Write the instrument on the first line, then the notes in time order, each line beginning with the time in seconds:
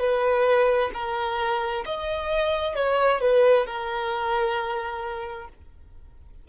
violin
0.00 B4
0.94 A#4
1.86 D#5
2.76 C#5
3.21 B4
3.67 A#4